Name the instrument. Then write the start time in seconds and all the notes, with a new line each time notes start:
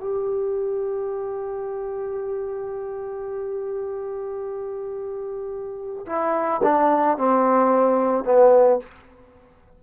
trombone
0.00 G4
6.06 E4
6.63 D4
7.18 C4
8.25 B3